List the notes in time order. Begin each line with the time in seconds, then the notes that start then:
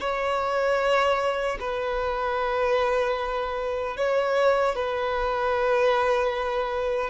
0.00 C#5
1.60 B4
3.97 C#5
4.75 B4